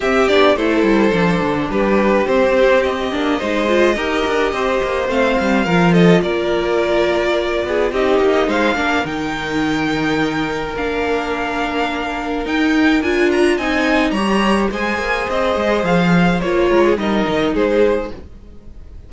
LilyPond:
<<
  \new Staff \with { instrumentName = "violin" } { \time 4/4 \tempo 4 = 106 e''8 d''8 c''2 b'4 | c''4 dis''2.~ | dis''4 f''4. dis''8 d''4~ | d''2 dis''4 f''4 |
g''2. f''4~ | f''2 g''4 gis''8 ais''8 | gis''4 ais''4 gis''4 dis''4 | f''4 cis''4 dis''4 c''4 | }
  \new Staff \with { instrumentName = "violin" } { \time 4/4 g'4 a'2 g'4~ | g'2 c''4 ais'4 | c''2 ais'8 a'8 ais'4~ | ais'4. gis'8 g'4 c''8 ais'8~ |
ais'1~ | ais'1 | dis''4 cis''4 c''2~ | c''4. ais'16 gis'16 ais'4 gis'4 | }
  \new Staff \with { instrumentName = "viola" } { \time 4/4 c'8 d'8 e'4 d'2 | c'4. d'8 dis'8 f'8 g'4~ | g'4 c'4 f'2~ | f'2 dis'4. d'8 |
dis'2. d'4~ | d'2 dis'4 f'4 | dis'4 g'4 gis'2~ | gis'4 f'4 dis'2 | }
  \new Staff \with { instrumentName = "cello" } { \time 4/4 c'8 b8 a8 g8 f8 d8 g4 | c'4. ais8 gis4 dis'8 d'8 | c'8 ais8 a8 g8 f4 ais4~ | ais4. b8 c'8 ais8 gis8 ais8 |
dis2. ais4~ | ais2 dis'4 d'4 | c'4 g4 gis8 ais8 c'8 gis8 | f4 ais8 gis8 g8 dis8 gis4 | }
>>